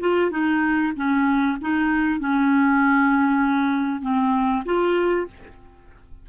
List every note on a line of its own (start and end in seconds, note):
0.00 0.31 F4
0.31 0.93 D#4
0.96 1.58 C#4
1.61 2.20 D#4
2.20 4.02 C#4
4.02 4.64 C4
4.65 5.27 F4